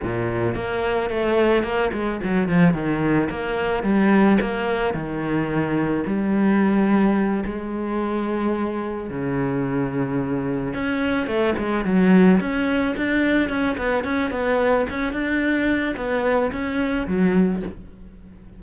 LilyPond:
\new Staff \with { instrumentName = "cello" } { \time 4/4 \tempo 4 = 109 ais,4 ais4 a4 ais8 gis8 | fis8 f8 dis4 ais4 g4 | ais4 dis2 g4~ | g4. gis2~ gis8~ |
gis8 cis2. cis'8~ | cis'8 a8 gis8 fis4 cis'4 d'8~ | d'8 cis'8 b8 cis'8 b4 cis'8 d'8~ | d'4 b4 cis'4 fis4 | }